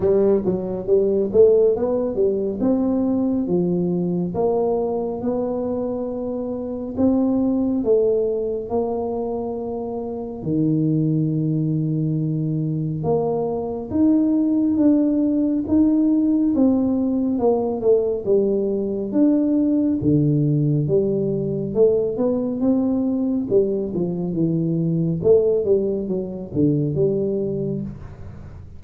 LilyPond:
\new Staff \with { instrumentName = "tuba" } { \time 4/4 \tempo 4 = 69 g8 fis8 g8 a8 b8 g8 c'4 | f4 ais4 b2 | c'4 a4 ais2 | dis2. ais4 |
dis'4 d'4 dis'4 c'4 | ais8 a8 g4 d'4 d4 | g4 a8 b8 c'4 g8 f8 | e4 a8 g8 fis8 d8 g4 | }